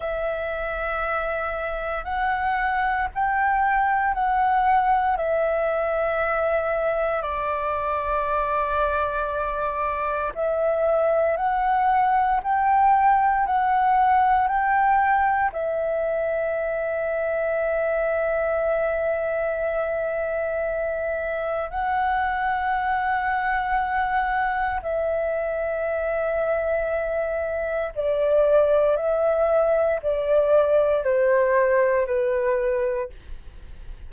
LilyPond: \new Staff \with { instrumentName = "flute" } { \time 4/4 \tempo 4 = 58 e''2 fis''4 g''4 | fis''4 e''2 d''4~ | d''2 e''4 fis''4 | g''4 fis''4 g''4 e''4~ |
e''1~ | e''4 fis''2. | e''2. d''4 | e''4 d''4 c''4 b'4 | }